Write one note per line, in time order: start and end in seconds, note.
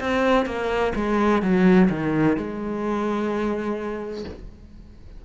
0.00 0.46 C4
0.46 0.92 A#3
0.95 1.42 G#3
1.42 1.89 F#3
1.90 2.37 D#3
2.37 4.24 G#3